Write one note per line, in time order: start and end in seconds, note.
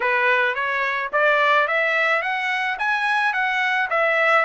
0.00 0.54 B4
0.54 1.10 C#5
1.12 1.67 D5
1.67 2.22 E5
2.22 2.77 F#5
2.79 3.33 G#5
3.33 3.88 F#5
3.89 4.45 E5